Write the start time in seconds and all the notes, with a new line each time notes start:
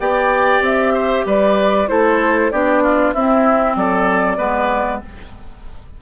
0.00 B3 G4 D5 G5
0.61 C4 E5
0.94 C5
1.26 G3 B4 D5
1.88 A3 E4 A4 C5
2.51 B3 D4 G4 D5
2.83 F4
3.14 C4 E4 E5
3.76 F#3 A4 D5
4.38 G#3 B3 B4